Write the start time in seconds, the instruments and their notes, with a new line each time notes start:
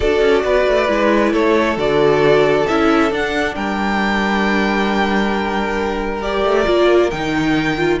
0.00 cello D4, viola F#4, violin A4 D5
0.21 cello C#4
0.44 cello B3, violin B4
0.66 cello A3
0.88 cello G#3, viola E4
1.32 cello A3, violin A4 C#5
1.77 cello D3, viola F#4, violin D5
2.67 cello C#4, viola E4, violin E5
3.10 viola D4, cello D4, violin F#5
3.55 cello G3, violin A#4 G5
6.22 viola G4, violin D5
6.44 cello A3
6.65 cello A#3, viola F4
7.10 cello D#3, viola D#4, violin G5
7.77 viola F4